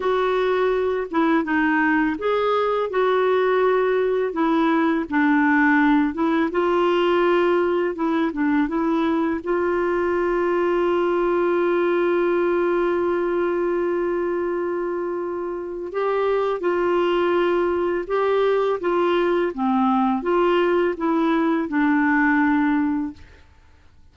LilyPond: \new Staff \with { instrumentName = "clarinet" } { \time 4/4 \tempo 4 = 83 fis'4. e'8 dis'4 gis'4 | fis'2 e'4 d'4~ | d'8 e'8 f'2 e'8 d'8 | e'4 f'2.~ |
f'1~ | f'2 g'4 f'4~ | f'4 g'4 f'4 c'4 | f'4 e'4 d'2 | }